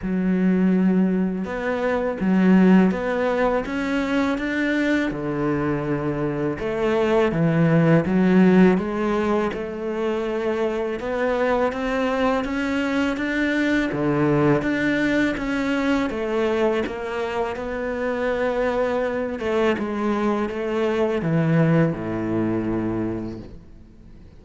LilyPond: \new Staff \with { instrumentName = "cello" } { \time 4/4 \tempo 4 = 82 fis2 b4 fis4 | b4 cis'4 d'4 d4~ | d4 a4 e4 fis4 | gis4 a2 b4 |
c'4 cis'4 d'4 d4 | d'4 cis'4 a4 ais4 | b2~ b8 a8 gis4 | a4 e4 a,2 | }